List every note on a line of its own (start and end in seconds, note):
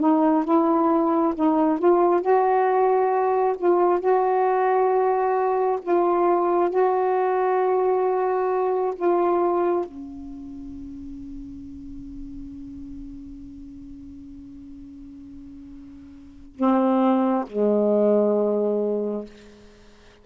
0.00 0.45 D#4
0.45 1.34 E4
1.35 1.79 D#4
1.79 2.22 F4
2.22 3.56 F#4
3.58 4.01 F4
4.01 5.80 F#4
5.82 6.70 F4
6.70 8.94 F#4
8.96 9.85 F4
9.86 16.56 C#4
16.56 17.45 C4
17.47 19.26 G#3